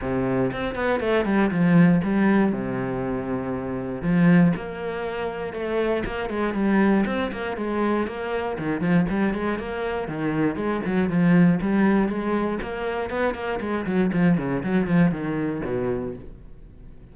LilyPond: \new Staff \with { instrumentName = "cello" } { \time 4/4 \tempo 4 = 119 c4 c'8 b8 a8 g8 f4 | g4 c2. | f4 ais2 a4 | ais8 gis8 g4 c'8 ais8 gis4 |
ais4 dis8 f8 g8 gis8 ais4 | dis4 gis8 fis8 f4 g4 | gis4 ais4 b8 ais8 gis8 fis8 | f8 cis8 fis8 f8 dis4 b,4 | }